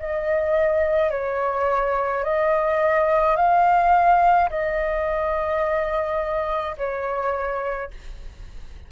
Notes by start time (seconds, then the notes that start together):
0.00 D#5
1.11 C#5
2.24 D#5
3.37 F5
4.50 D#5
6.78 C#5